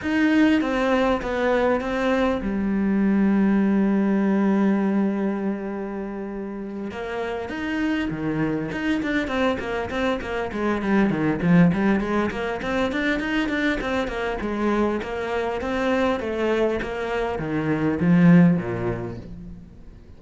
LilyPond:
\new Staff \with { instrumentName = "cello" } { \time 4/4 \tempo 4 = 100 dis'4 c'4 b4 c'4 | g1~ | g2.~ g8 ais8~ | ais8 dis'4 dis4 dis'8 d'8 c'8 |
ais8 c'8 ais8 gis8 g8 dis8 f8 g8 | gis8 ais8 c'8 d'8 dis'8 d'8 c'8 ais8 | gis4 ais4 c'4 a4 | ais4 dis4 f4 ais,4 | }